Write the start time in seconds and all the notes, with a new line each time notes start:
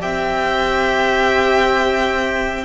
0.00 C4 G4 E5 G5